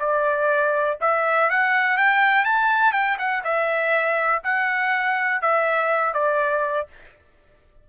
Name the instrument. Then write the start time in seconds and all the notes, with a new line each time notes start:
trumpet
0.00 D5
1.01 E5
1.50 F#5
1.98 G5
2.45 A5
2.93 G5
3.19 F#5
3.44 E5
4.44 F#5
5.42 E5
6.14 D5